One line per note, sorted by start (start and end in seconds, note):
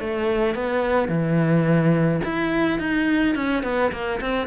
0.00 0.55 A3
0.55 1.08 B3
1.08 2.20 E3
2.24 2.79 E4
2.79 3.35 D#4
3.35 3.63 C#4
3.63 3.91 B3
3.92 4.20 A#3
4.21 4.47 C4